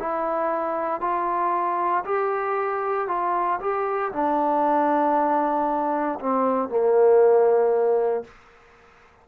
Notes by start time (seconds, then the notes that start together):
0.00 E4
1.01 F4
2.05 G4
3.08 F4
3.61 G4
4.12 D4
6.20 C4
6.70 A#3